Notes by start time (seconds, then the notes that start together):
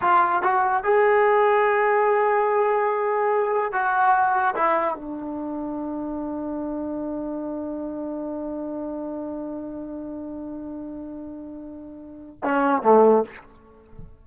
0.01 F4
0.42 F#4
0.83 G#4
3.72 F#4
4.55 E4
4.95 D4
12.43 C#4
12.82 A3